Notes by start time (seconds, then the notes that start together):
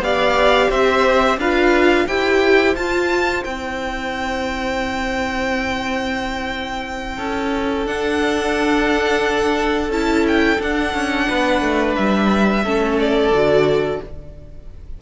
0.00 B3 G4 D5 F5
0.70 C4 C5 E5
1.37 D4 F4 B4 F5
2.07 E4 G4 C5 G5
2.75 F4 A5
3.44 C4 E4 G5
7.17 C#4 A4
7.87 D4 F#5
9.89 C#4 E4 A5
10.28 G5
10.59 D4 F#5
10.94 C#4
11.29 B3 B4
11.61 A3
11.95 G3 E5
12.64 A3 C#4 A4
13.00 D5
13.31 D3 F#4